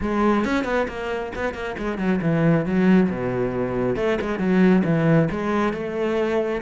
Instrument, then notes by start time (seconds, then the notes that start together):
cello
0.00 G#3
0.45 C#4
0.64 B3
0.88 A#3
1.35 B3
1.54 A#3
1.78 G#3
1.98 F#3
2.21 E3
2.65 F#3
3.10 B2
3.96 A3
4.21 G#3
4.38 F#3
4.84 E3
5.30 G#3
5.73 A3